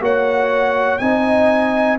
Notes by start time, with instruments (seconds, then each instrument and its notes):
0.00 tuba A#3, trombone F#4, horn C#5, trumpet F#5
0.98 tuba C4, trombone D#4, horn D#5, trumpet G#5